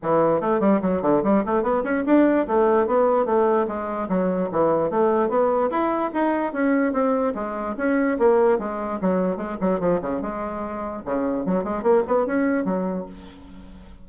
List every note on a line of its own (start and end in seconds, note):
0.02 0.40 E3
0.40 0.59 A3
0.59 0.80 G3
0.81 1.02 F#3
1.02 1.22 D3
1.23 1.44 G3
1.45 1.62 A3
1.62 1.83 B3
1.83 2.04 C#4
2.06 2.47 D4
2.47 2.86 A3
2.86 3.25 B3
3.25 3.66 A3
3.67 4.08 G#3
4.08 4.49 F#3
4.51 4.90 E3
4.90 5.29 A3
5.29 5.70 B3
5.70 6.11 E4
6.13 6.53 D#4
6.53 6.92 C#4
6.92 7.33 C4
7.34 7.75 G#3
7.77 8.18 C#4
8.18 8.58 A#3
8.58 8.99 G#3
9.01 9.37 F#3
9.37 9.57 G#3
9.60 9.79 F#3
9.79 10.00 F3
10.01 10.21 C#3
10.21 11.03 G#3
11.05 11.45 C#3
11.45 11.63 F#3
11.63 11.82 G#3
11.82 12.03 A#3
12.07 12.26 B3
12.26 12.65 C#4
12.65 13.05 F#3